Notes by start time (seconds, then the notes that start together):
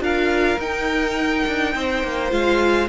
0.00 D4 F4 A#4 F5
0.59 D#4 G5
1.47 D4
1.75 C4 C5
2.03 A#3
2.30 G#3 F4 F5